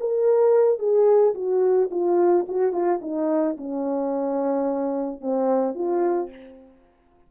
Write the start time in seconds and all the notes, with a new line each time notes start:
0.00 A#4
0.79 G#4
1.35 F#4
1.91 F4
2.48 F#4
2.73 F4
3.02 D#4
3.57 C#4
5.21 C4
5.75 F4